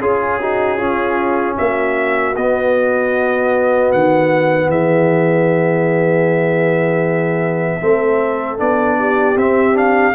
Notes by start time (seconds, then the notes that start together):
0.00 C#4 F4 G#4
0.41 D#4 F#4
0.77 C#4 F4
1.57 A#3 F#4 E5
2.36 B3 D#5
3.92 D#3 F#5
4.68 E3 G#4 E5
7.81 A3 C4 A4
8.57 B3 D4 D5
8.98 G4
9.35 C4 E5
9.74 D4 F5